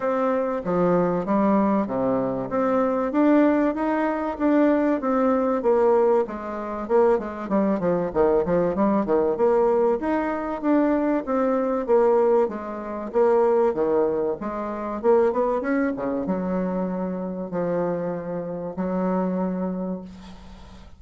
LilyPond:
\new Staff \with { instrumentName = "bassoon" } { \time 4/4 \tempo 4 = 96 c'4 f4 g4 c4 | c'4 d'4 dis'4 d'4 | c'4 ais4 gis4 ais8 gis8 | g8 f8 dis8 f8 g8 dis8 ais4 |
dis'4 d'4 c'4 ais4 | gis4 ais4 dis4 gis4 | ais8 b8 cis'8 cis8 fis2 | f2 fis2 | }